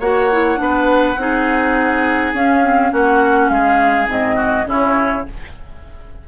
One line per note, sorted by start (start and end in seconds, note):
0.00 0.58 A#3
0.00 0.31 F#4
0.00 0.58 C#5
0.00 2.34 F#5
0.32 0.57 E4
0.57 1.17 B3
0.57 1.15 D4
0.57 1.21 B4
1.17 2.33 C4
1.17 2.35 D#4
1.17 2.92 G#4
2.33 2.92 C#4
2.33 2.64 C#4
2.33 2.94 F5
2.64 2.91 C4
2.91 3.49 A#3
2.91 4.07 C#4
2.91 3.51 F#4
2.91 3.49 F#5
3.49 4.08 G#3
3.49 4.36 G#4
3.49 4.07 F5
4.08 4.66 G#2
4.08 4.66 C4
4.08 4.69 D#5
4.36 4.65 F#4
4.66 5.24 C#3
4.66 5.25 C#4
4.66 5.27 E4
4.66 5.28 C#5